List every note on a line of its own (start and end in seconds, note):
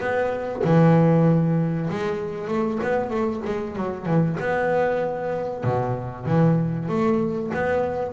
0.00 0.62 B3
0.64 1.89 E3
1.89 2.47 G#3
2.47 2.79 A3
2.83 3.10 B3
3.10 3.41 A3
3.45 3.75 G#3
3.75 4.05 F#3
4.05 4.37 E3
4.39 5.63 B3
5.63 6.26 B2
6.26 6.88 E3
6.88 7.51 A3
7.53 8.13 B3